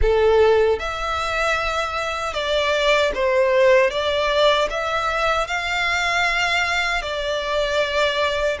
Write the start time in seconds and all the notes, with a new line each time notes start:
0.01 A4
0.79 E5
2.33 D5
3.14 C5
3.90 D5
4.70 E5
5.47 F5
7.02 D5